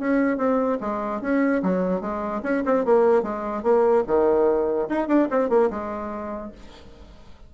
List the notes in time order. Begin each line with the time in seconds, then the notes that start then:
0.00 C#4
0.38 C4
0.81 G#3
1.22 C#4
1.63 F#3
2.01 G#3
2.43 C#4
2.66 C4
2.86 A#3
3.23 G#3
3.64 A#3
4.07 D#3
4.89 D#4
5.08 D4
5.31 C4
5.50 A#3
5.71 G#3